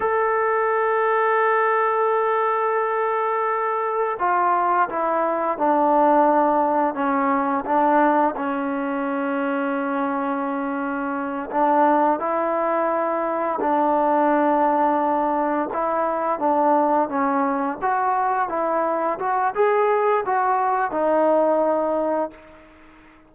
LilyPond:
\new Staff \with { instrumentName = "trombone" } { \time 4/4 \tempo 4 = 86 a'1~ | a'2 f'4 e'4 | d'2 cis'4 d'4 | cis'1~ |
cis'8 d'4 e'2 d'8~ | d'2~ d'8 e'4 d'8~ | d'8 cis'4 fis'4 e'4 fis'8 | gis'4 fis'4 dis'2 | }